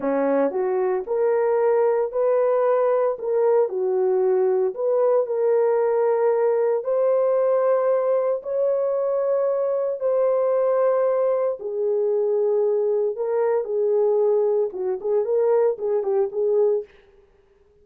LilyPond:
\new Staff \with { instrumentName = "horn" } { \time 4/4 \tempo 4 = 114 cis'4 fis'4 ais'2 | b'2 ais'4 fis'4~ | fis'4 b'4 ais'2~ | ais'4 c''2. |
cis''2. c''4~ | c''2 gis'2~ | gis'4 ais'4 gis'2 | fis'8 gis'8 ais'4 gis'8 g'8 gis'4 | }